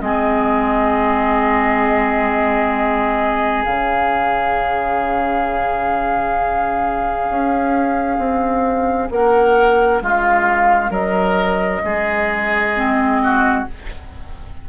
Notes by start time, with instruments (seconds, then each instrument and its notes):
0.00 bassoon G#3, clarinet C4, oboe G#4, flute D#5
3.64 bassoon C#3, clarinet C#4, flute F5
7.29 bassoon C#4
8.18 bassoon C4
9.10 bassoon A#3, oboe A#4, flute F#5
10.01 bassoon G#3, oboe F4, flute F5
10.90 bassoon F#3, oboe A#4, flute D#5
11.84 bassoon G#3, oboe G#4
12.75 clarinet C4
13.23 oboe F#4